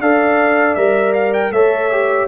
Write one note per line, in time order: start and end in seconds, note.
0.00 0.76 D4
0.00 0.77 A4
0.00 1.53 D5
0.00 0.75 F5
0.75 1.51 G3
0.75 1.53 A#4
0.75 1.13 E5
1.14 1.33 F5
1.34 1.52 G5
1.51 2.27 A3
1.51 1.92 A4
1.51 2.28 C#5
1.51 2.28 E5
1.92 2.28 G4